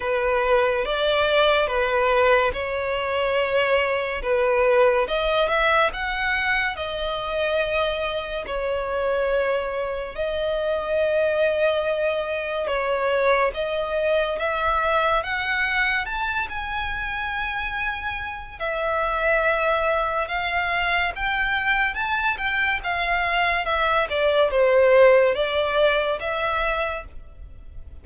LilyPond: \new Staff \with { instrumentName = "violin" } { \time 4/4 \tempo 4 = 71 b'4 d''4 b'4 cis''4~ | cis''4 b'4 dis''8 e''8 fis''4 | dis''2 cis''2 | dis''2. cis''4 |
dis''4 e''4 fis''4 a''8 gis''8~ | gis''2 e''2 | f''4 g''4 a''8 g''8 f''4 | e''8 d''8 c''4 d''4 e''4 | }